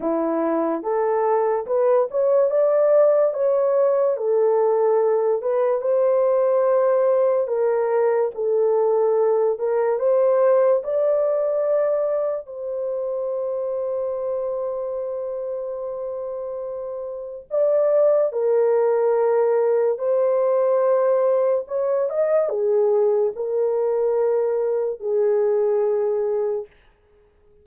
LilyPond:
\new Staff \with { instrumentName = "horn" } { \time 4/4 \tempo 4 = 72 e'4 a'4 b'8 cis''8 d''4 | cis''4 a'4. b'8 c''4~ | c''4 ais'4 a'4. ais'8 | c''4 d''2 c''4~ |
c''1~ | c''4 d''4 ais'2 | c''2 cis''8 dis''8 gis'4 | ais'2 gis'2 | }